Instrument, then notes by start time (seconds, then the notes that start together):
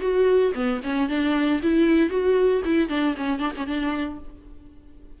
viola
0.00 F#4
0.54 B3
0.83 C#4
1.08 D4
1.62 E4
2.09 F#4
2.64 E4
2.89 D4
3.17 C#4
3.39 D4
3.56 C#4
3.66 D4